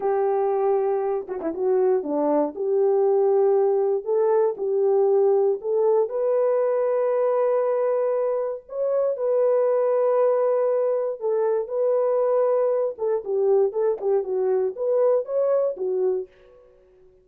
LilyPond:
\new Staff \with { instrumentName = "horn" } { \time 4/4 \tempo 4 = 118 g'2~ g'8 fis'16 e'16 fis'4 | d'4 g'2. | a'4 g'2 a'4 | b'1~ |
b'4 cis''4 b'2~ | b'2 a'4 b'4~ | b'4. a'8 g'4 a'8 g'8 | fis'4 b'4 cis''4 fis'4 | }